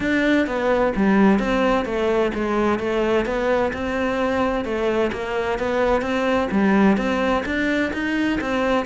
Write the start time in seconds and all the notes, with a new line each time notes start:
0.00 D4
0.46 B3
0.96 G3
1.39 C4
1.85 A3
2.34 G#3
2.79 A3
3.25 B3
3.73 C4
4.64 A3
5.12 A#3
5.58 B3
6.01 C4
6.51 G3
6.97 C4
7.45 D4
7.93 D#4
8.40 C4